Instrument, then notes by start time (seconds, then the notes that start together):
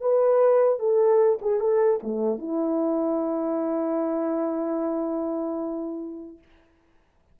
horn
0.00 B4
0.79 A4
1.41 G#4
1.60 A4
2.03 A3
2.38 E4